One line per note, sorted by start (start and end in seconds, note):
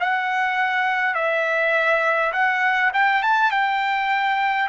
0.00 1.14 F#5
1.14 2.32 E5
2.33 2.91 F#5
2.93 3.22 G5
3.22 3.51 A5
3.51 4.68 G5